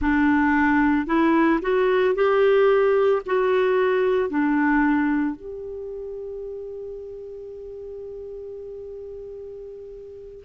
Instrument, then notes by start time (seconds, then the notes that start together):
clarinet
0.01 D4
1.06 E4
1.61 F#4
2.14 G4
3.26 F#4
4.29 D4
5.36 G4